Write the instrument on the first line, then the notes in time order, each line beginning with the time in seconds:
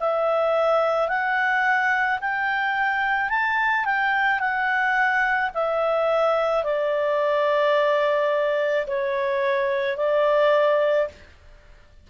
clarinet
0.00 E5
1.08 F#5
2.21 G5
3.29 A5
3.85 G5
4.39 F#5
5.54 E5
6.64 D5
8.87 C#5
9.97 D5